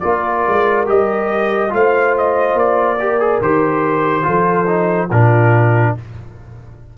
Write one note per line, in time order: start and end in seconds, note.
0.00 0.46 A#3
0.00 0.86 F4
0.00 1.73 A#4
0.00 0.85 D5
0.48 0.89 G#3
0.86 1.73 G3
0.86 1.70 G4
0.86 1.74 D#5
1.70 2.54 A3
1.70 2.97 F4
1.70 3.01 C5
1.70 2.17 F5
2.18 2.59 D#5
2.54 3.39 A#3
2.54 3.42 D5
3.00 3.20 G4
3.00 4.26 A#4
3.20 3.42 G#4
3.41 4.26 D#3
3.41 4.23 G4
3.41 5.11 C5
4.23 5.11 F3
4.23 4.65 F4
4.23 5.10 A4
4.66 5.09 D#4
5.10 5.95 A#2
5.10 5.98 D4
5.10 5.94 F4
5.10 5.96 A#4